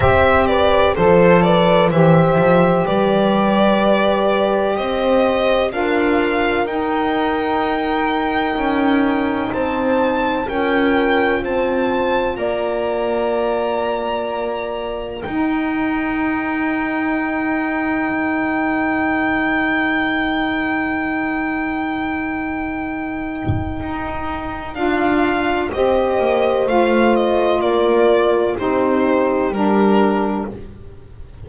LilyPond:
<<
  \new Staff \with { instrumentName = "violin" } { \time 4/4 \tempo 4 = 63 e''8 d''8 c''8 d''8 e''4 d''4~ | d''4 dis''4 f''4 g''4~ | g''2 a''4 g''4 | a''4 ais''2. |
g''1~ | g''1~ | g''2 f''4 dis''4 | f''8 dis''8 d''4 c''4 ais'4 | }
  \new Staff \with { instrumentName = "horn" } { \time 4/4 c''8 b'8 a'8 b'8 c''4 b'4~ | b'4 c''4 ais'2~ | ais'2 c''4 ais'4 | c''4 d''2. |
ais'1~ | ais'1~ | ais'2. c''4~ | c''4 ais'4 g'2 | }
  \new Staff \with { instrumentName = "saxophone" } { \time 4/4 g'4 a'4 g'2~ | g'2 f'4 dis'4~ | dis'2. f'4~ | f'1 |
dis'1~ | dis'1~ | dis'2 f'4 g'4 | f'2 dis'4 d'4 | }
  \new Staff \with { instrumentName = "double bass" } { \time 4/4 c'4 f4 e8 f8 g4~ | g4 c'4 d'4 dis'4~ | dis'4 cis'4 c'4 cis'4 | c'4 ais2. |
dis'2. dis4~ | dis1~ | dis4 dis'4 d'4 c'8 ais8 | a4 ais4 c'4 g4 | }
>>